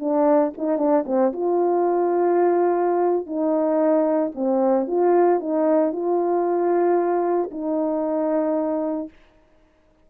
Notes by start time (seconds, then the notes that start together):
0.00 D4
0.58 D#4
0.78 D4
1.06 C4
1.33 F4
3.27 D#4
4.35 C4
4.88 F4
5.40 D#4
5.93 F4
7.52 D#4